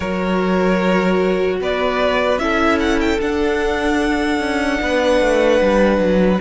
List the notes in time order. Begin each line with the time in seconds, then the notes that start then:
0.00 F#3 F#4 A#4 C#5
1.61 B3 B4 D5
2.38 C#4 E4 A4 E5
2.79 F#5
3.00 G5
3.20 D4 F#5
4.39 C#4
4.81 B3 B4
5.21 A3
5.61 G3
5.98 F#3